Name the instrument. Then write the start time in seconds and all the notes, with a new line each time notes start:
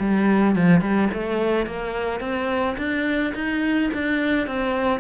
cello
0.00 G3
0.56 F3
0.81 G3
1.13 A3
1.66 A#3
2.20 C4
2.78 D4
3.35 D#4
3.94 D4
4.47 C4